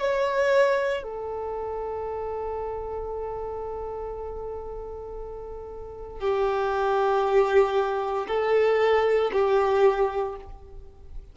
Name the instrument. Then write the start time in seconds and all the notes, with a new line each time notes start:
violin
0.00 C#5
1.03 A4
6.20 G4
8.28 A4
9.33 G4